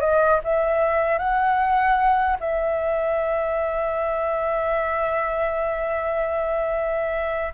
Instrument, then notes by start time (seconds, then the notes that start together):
flute
0.00 D#5
0.44 E5
1.18 F#5
2.39 E5